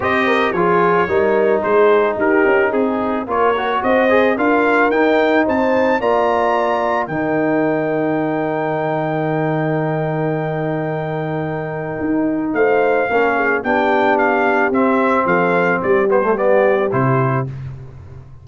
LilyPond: <<
  \new Staff \with { instrumentName = "trumpet" } { \time 4/4 \tempo 4 = 110 dis''4 cis''2 c''4 | ais'4 gis'4 cis''4 dis''4 | f''4 g''4 a''4 ais''4~ | ais''4 g''2.~ |
g''1~ | g''2. f''4~ | f''4 g''4 f''4 e''4 | f''4 d''8 c''8 d''4 c''4 | }
  \new Staff \with { instrumentName = "horn" } { \time 4/4 c''8 ais'8 gis'4 ais'4 gis'4 | g'4 gis'4 ais'4 c''4 | ais'2 c''4 d''4~ | d''4 ais'2.~ |
ais'1~ | ais'2. c''4 | ais'8 gis'8 g'2. | a'4 g'2. | }
  \new Staff \with { instrumentName = "trombone" } { \time 4/4 g'4 f'4 dis'2~ | dis'2 f'8 fis'4 gis'8 | f'4 dis'2 f'4~ | f'4 dis'2.~ |
dis'1~ | dis'1 | cis'4 d'2 c'4~ | c'4. b16 a16 b4 e'4 | }
  \new Staff \with { instrumentName = "tuba" } { \time 4/4 c'4 f4 g4 gis4 | dis'8 cis'8 c'4 ais4 c'4 | d'4 dis'4 c'4 ais4~ | ais4 dis2.~ |
dis1~ | dis2 dis'4 a4 | ais4 b2 c'4 | f4 g2 c4 | }
>>